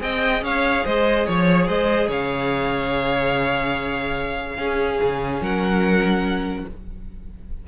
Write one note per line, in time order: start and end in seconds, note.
0.00 0.41 C4
0.00 4.58 G#4
0.00 0.43 D#5
0.00 0.44 G5
0.41 0.83 C#4
0.41 0.84 C#5
0.41 0.85 F5
0.84 1.27 G#3
0.84 1.26 C5
0.84 1.27 D#5
1.26 1.68 F3
1.26 1.67 C#5
1.26 1.68 C#5
1.67 2.08 G#3
1.67 2.07 C5
1.67 2.09 D#5
2.07 4.58 C#3
2.07 4.57 C#5
2.07 5.42 F5
4.58 4.99 C#4
4.58 6.67 C#4
4.58 5.42 G#4
5.02 5.40 C#3
5.40 6.65 F#3
5.40 6.67 A#4
5.40 6.67 F#5